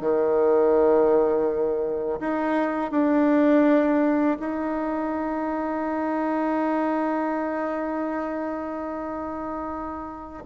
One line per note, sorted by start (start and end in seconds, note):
0.00 2.20 D#3
2.20 2.91 D#4
2.91 4.37 D4
4.40 10.43 D#4